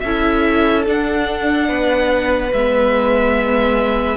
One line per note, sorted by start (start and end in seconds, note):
0.00 0.87 C#4
0.00 1.68 A4
0.00 0.83 E5
0.06 0.86 E4
0.86 2.52 D4
0.86 1.69 D4
0.86 2.53 F#5
1.68 2.53 B3
1.68 4.18 B4
2.53 4.18 G#3
2.53 4.18 B3
2.53 4.18 E5